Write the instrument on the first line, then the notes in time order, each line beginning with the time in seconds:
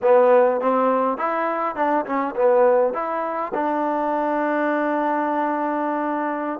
trombone
0.02 B3
0.60 C4
1.17 E4
1.75 D4
2.05 C#4
2.35 B3
2.93 E4
3.54 D4